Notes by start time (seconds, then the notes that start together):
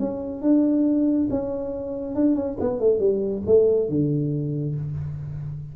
0.00 C#4
0.42 D4
1.31 C#4
2.16 D4
2.36 C#4
2.61 B3
2.80 A3
3.00 G3
3.46 A3
3.89 D3